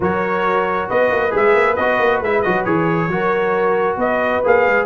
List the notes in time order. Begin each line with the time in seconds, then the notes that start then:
0.00 F#3 F#4 A#4 C#5
0.89 B3 B4 D#5
1.11 A#3
1.30 G#3 G#4 E5
1.54 A#3
1.75 B3 F#4 D#5
1.98 A#3
2.20 G#3 E4 E5
2.42 F#3 F#4 D#5
2.64 E3 G#4 C#5
3.07 F#3 F#4 A#4
3.96 B3 B4 D#5
4.44 A#3 G#4 F5
4.67 G#3